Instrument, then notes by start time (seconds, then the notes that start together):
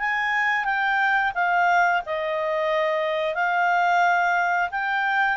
clarinet
0.00 G#5
0.65 G5
1.35 F5
2.06 D#5
3.35 F5
4.72 G5